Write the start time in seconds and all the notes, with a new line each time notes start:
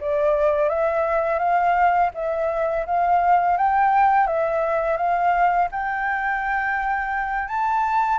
0.00 D5
0.69 E5
1.39 F5
2.14 E5
2.86 F5
3.57 G5
4.27 E5
4.97 F5
5.71 G5
7.48 A5